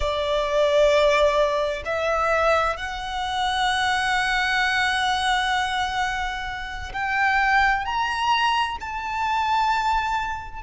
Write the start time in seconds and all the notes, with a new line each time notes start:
0.00 D5
1.85 E5
2.77 F#5
6.92 G5
7.85 A#5
8.80 A5